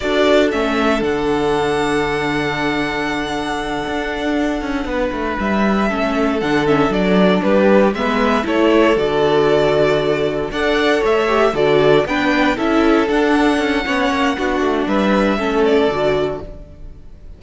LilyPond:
<<
  \new Staff \with { instrumentName = "violin" } { \time 4/4 \tempo 4 = 117 d''4 e''4 fis''2~ | fis''1~ | fis''2~ fis''8 e''4.~ | e''8 fis''8 e''8 d''4 b'4 e''8~ |
e''8 cis''4 d''2~ d''8~ | d''8 fis''4 e''4 d''4 g''8~ | g''8 e''4 fis''2~ fis''8~ | fis''4 e''4. d''4. | }
  \new Staff \with { instrumentName = "violin" } { \time 4/4 a'1~ | a'1~ | a'4. b'2 a'8~ | a'2~ a'8 g'4 b'8~ |
b'8 a'2.~ a'8~ | a'8 d''4 cis''4 a'4 b'8~ | b'8 a'2~ a'8 cis''4 | fis'4 b'4 a'2 | }
  \new Staff \with { instrumentName = "viola" } { \time 4/4 fis'4 cis'4 d'2~ | d'1~ | d'2.~ d'8 cis'8~ | cis'8 d'8 cis'8 d'2 b8~ |
b8 e'4 fis'2~ fis'8~ | fis'8 a'4. g'8 fis'4 d'8~ | d'8 e'4 d'4. cis'4 | d'2 cis'4 fis'4 | }
  \new Staff \with { instrumentName = "cello" } { \time 4/4 d'4 a4 d2~ | d2.~ d8 d'8~ | d'4 cis'8 b8 a8 g4 a8~ | a8 d4 fis4 g4 gis8~ |
gis8 a4 d2~ d8~ | d8 d'4 a4 d4 b8~ | b8 cis'4 d'4 cis'8 b8 ais8 | b8 a8 g4 a4 d4 | }
>>